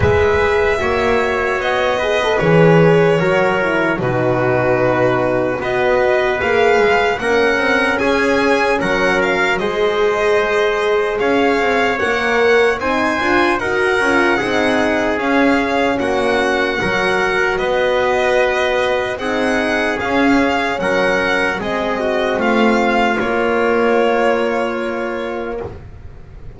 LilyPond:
<<
  \new Staff \with { instrumentName = "violin" } { \time 4/4 \tempo 4 = 75 e''2 dis''4 cis''4~ | cis''4 b'2 dis''4 | f''4 fis''4 gis''4 fis''8 f''8 | dis''2 f''4 fis''4 |
gis''4 fis''2 f''4 | fis''2 dis''2 | fis''4 f''4 fis''4 dis''4 | f''4 cis''2. | }
  \new Staff \with { instrumentName = "trumpet" } { \time 4/4 b'4 cis''4. b'4. | ais'4 fis'2 b'4~ | b'4 ais'4 gis'4 ais'4 | c''2 cis''2 |
c''4 ais'4 gis'2 | fis'4 ais'4 b'2 | gis'2 ais'4 gis'8 fis'8 | f'1 | }
  \new Staff \with { instrumentName = "horn" } { \time 4/4 gis'4 fis'4. gis'16 a'16 gis'4 | fis'8 e'8 dis'2 fis'4 | gis'4 cis'2. | gis'2. ais'4 |
dis'8 f'8 fis'8 f'8 dis'4 cis'4~ | cis'4 fis'2. | dis'4 cis'2 c'4~ | c'4 ais2. | }
  \new Staff \with { instrumentName = "double bass" } { \time 4/4 gis4 ais4 b4 e4 | fis4 b,2 b4 | ais8 gis8 ais8 c'8 cis'4 fis4 | gis2 cis'8 c'8 ais4 |
c'8 d'8 dis'8 cis'8 c'4 cis'4 | ais4 fis4 b2 | c'4 cis'4 fis4 gis4 | a4 ais2. | }
>>